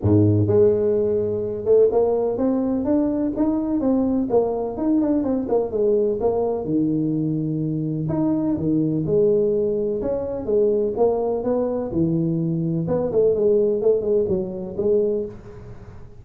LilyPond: \new Staff \with { instrumentName = "tuba" } { \time 4/4 \tempo 4 = 126 gis,4 gis2~ gis8 a8 | ais4 c'4 d'4 dis'4 | c'4 ais4 dis'8 d'8 c'8 ais8 | gis4 ais4 dis2~ |
dis4 dis'4 dis4 gis4~ | gis4 cis'4 gis4 ais4 | b4 e2 b8 a8 | gis4 a8 gis8 fis4 gis4 | }